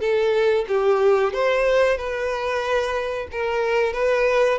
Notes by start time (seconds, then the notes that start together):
0.00 A4
0.68 G4
1.33 C5
1.97 B4
3.31 A#4
3.93 B4